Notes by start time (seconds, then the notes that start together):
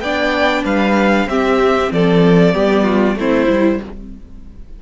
0.00 B3 D4 D5 G5
0.64 G3 B4 F5
1.26 C4 G4 E5
1.91 F3 A4 D5
2.53 G3 B3 G4
2.84 F4
3.15 A3 C4 E4 C5
3.48 G3 E4